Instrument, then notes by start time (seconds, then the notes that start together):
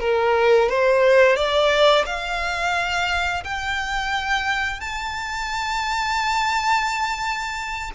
violin
0.00 A#4
0.69 C5
1.36 D5
2.06 F5
3.44 G5
4.81 A5